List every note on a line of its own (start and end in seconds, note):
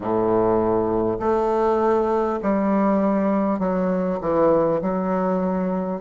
0.00 1.18 A2
1.19 2.39 A3
2.42 3.59 G3
3.59 4.19 F#3
4.20 4.80 E3
4.81 6.01 F#3